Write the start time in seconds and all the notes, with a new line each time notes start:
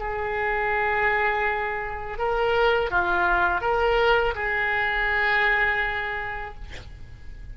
0.00 G#4
2.19 A#4
2.91 F4
3.62 A#4
4.35 G#4